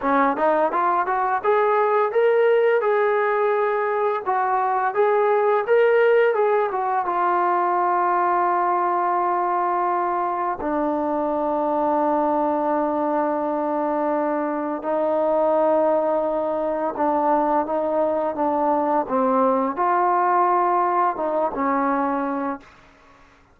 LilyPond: \new Staff \with { instrumentName = "trombone" } { \time 4/4 \tempo 4 = 85 cis'8 dis'8 f'8 fis'8 gis'4 ais'4 | gis'2 fis'4 gis'4 | ais'4 gis'8 fis'8 f'2~ | f'2. d'4~ |
d'1~ | d'4 dis'2. | d'4 dis'4 d'4 c'4 | f'2 dis'8 cis'4. | }